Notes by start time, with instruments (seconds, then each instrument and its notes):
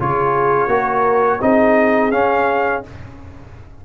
0.00 tuba C#3, trombone F4, horn G#4, trumpet C#5
0.67 tuba A#3, trombone F#4, horn A#4
1.42 tuba C4, trombone D#4, horn G#4, trumpet D#5
2.12 trombone C#4, tuba C#4, trumpet F5